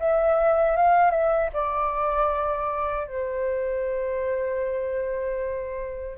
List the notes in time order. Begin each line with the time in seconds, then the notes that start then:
0.00 E5
0.77 F5
1.11 E5
1.53 D5
3.08 C5